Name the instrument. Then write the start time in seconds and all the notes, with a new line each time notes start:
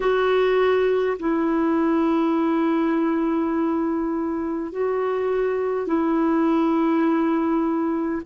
clarinet
0.00 F#4
1.19 E4
4.72 F#4
5.86 E4